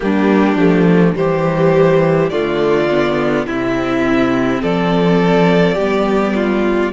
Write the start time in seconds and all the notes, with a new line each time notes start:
0.00 G3 A#3 D4 G4
0.56 F3 A3
1.16 E3 G3 G4 C5
2.29 D3 A3 F4 D5
2.90 B3
3.46 C3 C4 E4 E5
4.62 F3 A4 D5
5.75 G3 B3 G4
6.34 F4